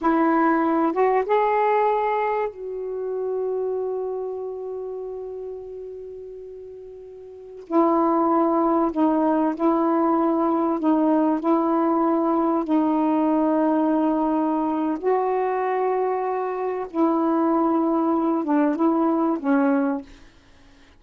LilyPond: \new Staff \with { instrumentName = "saxophone" } { \time 4/4 \tempo 4 = 96 e'4. fis'8 gis'2 | fis'1~ | fis'1~ | fis'16 e'2 dis'4 e'8.~ |
e'4~ e'16 dis'4 e'4.~ e'16~ | e'16 dis'2.~ dis'8. | fis'2. e'4~ | e'4. d'8 e'4 cis'4 | }